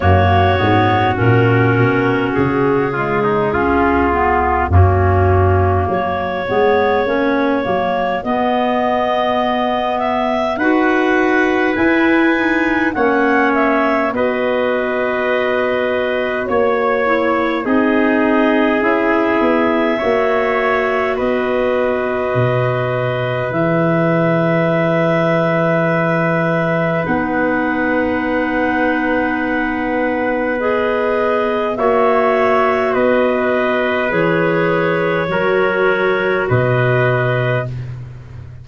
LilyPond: <<
  \new Staff \with { instrumentName = "clarinet" } { \time 4/4 \tempo 4 = 51 cis''4 ais'4 gis'2 | fis'4 cis''2 dis''4~ | dis''8 e''8 fis''4 gis''4 fis''8 e''8 | dis''2 cis''4 dis''4 |
e''2 dis''2 | e''2. fis''4~ | fis''2 dis''4 e''4 | dis''4 cis''2 dis''4 | }
  \new Staff \with { instrumentName = "trumpet" } { \time 4/4 fis'2~ fis'8 f'16 dis'16 f'4 | cis'4 fis'2.~ | fis'4 b'2 cis''4 | b'2 cis''4 gis'4~ |
gis'4 cis''4 b'2~ | b'1~ | b'2. cis''4 | b'2 ais'4 b'4 | }
  \new Staff \with { instrumentName = "clarinet" } { \time 4/4 ais8 b8 cis'4. gis8 cis'8 b8 | ais4. b8 cis'8 ais8 b4~ | b4 fis'4 e'8 dis'8 cis'4 | fis'2~ fis'8 e'8 dis'4 |
e'4 fis'2. | gis'2. dis'4~ | dis'2 gis'4 fis'4~ | fis'4 gis'4 fis'2 | }
  \new Staff \with { instrumentName = "tuba" } { \time 4/4 fis,8 gis,8 ais,8 b,8 cis4 cis,4 | fis,4 fis8 gis8 ais8 fis8 b4~ | b4 dis'4 e'4 ais4 | b2 ais4 c'4 |
cis'8 b8 ais4 b4 b,4 | e2. b4~ | b2. ais4 | b4 e4 fis4 b,4 | }
>>